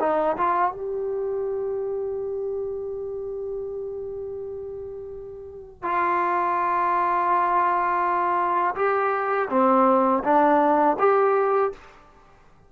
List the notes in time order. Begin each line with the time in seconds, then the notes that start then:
0.00 D#4
0.37 F4
0.72 G4
5.82 F4
8.75 G4
9.50 C4
10.24 D4
10.99 G4